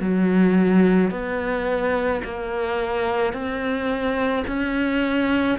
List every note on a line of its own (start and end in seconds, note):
0.00 1.10 F#3
1.10 2.21 B3
2.24 3.33 A#3
3.33 4.44 C4
4.47 5.58 C#4